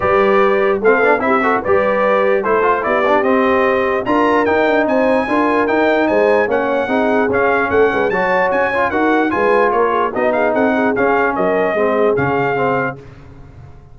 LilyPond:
<<
  \new Staff \with { instrumentName = "trumpet" } { \time 4/4 \tempo 4 = 148 d''2 f''4 e''4 | d''2 c''4 d''4 | dis''2 ais''4 g''4 | gis''2 g''4 gis''4 |
fis''2 f''4 fis''4 | a''4 gis''4 fis''4 gis''4 | cis''4 dis''8 f''8 fis''4 f''4 | dis''2 f''2 | }
  \new Staff \with { instrumentName = "horn" } { \time 4/4 b'2 a'4 g'8 a'8 | b'2 a'4 g'4~ | g'2 ais'2 | c''4 ais'2 c''4 |
cis''4 gis'2 a'8 b'8 | cis''2 ais'4 b'4 | ais'8 gis'8 fis'8 gis'8 a'8 gis'4. | ais'4 gis'2. | }
  \new Staff \with { instrumentName = "trombone" } { \time 4/4 g'2 c'8 d'8 e'8 fis'8 | g'2 e'8 f'8 e'8 d'8 | c'2 f'4 dis'4~ | dis'4 f'4 dis'2 |
cis'4 dis'4 cis'2 | fis'4. f'8 fis'4 f'4~ | f'4 dis'2 cis'4~ | cis'4 c'4 cis'4 c'4 | }
  \new Staff \with { instrumentName = "tuba" } { \time 4/4 g2 a8 b8 c'4 | g2 a4 b4 | c'2 d'4 dis'8 d'8 | c'4 d'4 dis'4 gis4 |
ais4 c'4 cis'4 a8 gis8 | fis4 cis'4 dis'4 gis4 | ais4 b4 c'4 cis'4 | fis4 gis4 cis2 | }
>>